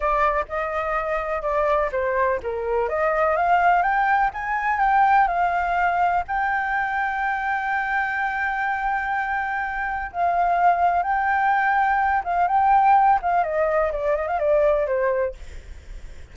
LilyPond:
\new Staff \with { instrumentName = "flute" } { \time 4/4 \tempo 4 = 125 d''4 dis''2 d''4 | c''4 ais'4 dis''4 f''4 | g''4 gis''4 g''4 f''4~ | f''4 g''2.~ |
g''1~ | g''4 f''2 g''4~ | g''4. f''8 g''4. f''8 | dis''4 d''8 dis''16 f''16 d''4 c''4 | }